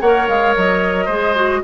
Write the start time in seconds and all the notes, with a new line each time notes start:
0.00 A#3 A#4 C#5 F#5
0.28 G#3 F5
0.56 F#3 D#5
1.05 G#3 G#4 C5
1.35 F#4